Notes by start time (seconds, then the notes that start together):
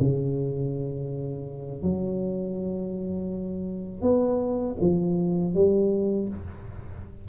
0.00 C#3
1.82 F#3
4.02 B3
4.80 F3
5.55 G3